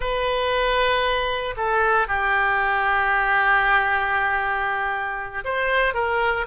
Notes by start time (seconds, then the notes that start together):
0.00 B4
1.56 A4
2.07 G4
5.44 C5
5.94 A#4